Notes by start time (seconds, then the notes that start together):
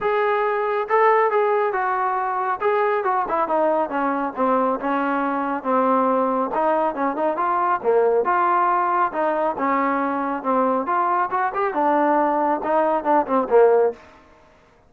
0.00 G#4
0.88 A4
1.30 G#4
1.72 F#4
2.60 G#4
3.04 F#4
3.28 E4
3.47 D#4
3.89 C#4
4.36 C4
4.80 C#4
5.63 C4
6.54 D#4
6.94 C#4
7.16 D#4
7.37 F4
7.82 A#3
8.25 F4
9.12 D#4
9.58 C#4
10.42 C4
10.86 F4
11.30 F#4
11.54 G4
11.74 D4
12.63 D#4
13.04 D4
13.26 C4
13.49 A#3